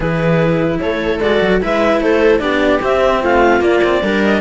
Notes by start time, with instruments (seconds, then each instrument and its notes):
0.00 cello E3 E4, viola G#4, clarinet B4
0.80 cello A3, viola A4, clarinet C#5
1.20 cello G#3 F#4, clarinet D5
1.41 cello F#3
1.61 cello G#3 E4, viola B4, clarinet E5
2.00 cello A3, viola A4, clarinet C5
2.39 cello B3 D4, viola G4, clarinet D5
2.81 cello C4, clarinet E5
3.21 cello A3, viola F4, clarinet F5
3.60 cello A#3, clarinet D5
3.83 cello C4
4.02 cello G3 D4, viola A#4
4.24 clarinet D#5